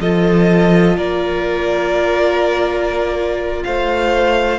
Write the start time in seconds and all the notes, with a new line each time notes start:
0.00 F3 F4 A4 D#5
0.97 A#3 A#4 D5
3.63 A3 C5 F5